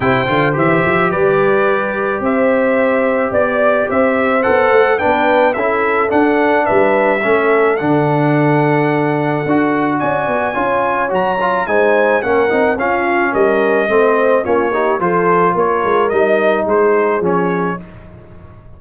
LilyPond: <<
  \new Staff \with { instrumentName = "trumpet" } { \time 4/4 \tempo 4 = 108 g''4 e''4 d''2 | e''2 d''4 e''4 | fis''4 g''4 e''4 fis''4 | e''2 fis''2~ |
fis''2 gis''2 | ais''4 gis''4 fis''4 f''4 | dis''2 cis''4 c''4 | cis''4 dis''4 c''4 cis''4 | }
  \new Staff \with { instrumentName = "horn" } { \time 4/4 c''2 b'2 | c''2 d''4 c''4~ | c''4 b'4 a'2 | b'4 a'2.~ |
a'2 d''4 cis''4~ | cis''4 c''4 ais'4 f'4 | ais'4 c''4 f'8 g'8 a'4 | ais'2 gis'2 | }
  \new Staff \with { instrumentName = "trombone" } { \time 4/4 e'8 f'8 g'2.~ | g'1 | a'4 d'4 e'4 d'4~ | d'4 cis'4 d'2~ |
d'4 fis'2 f'4 | fis'8 f'8 dis'4 cis'8 dis'8 cis'4~ | cis'4 c'4 cis'8 dis'8 f'4~ | f'4 dis'2 cis'4 | }
  \new Staff \with { instrumentName = "tuba" } { \time 4/4 c8 d8 e8 f8 g2 | c'2 b4 c'4 | b8 a8 b4 cis'4 d'4 | g4 a4 d2~ |
d4 d'4 cis'8 b8 cis'4 | fis4 gis4 ais8 c'8 cis'4 | g4 a4 ais4 f4 | ais8 gis8 g4 gis4 f4 | }
>>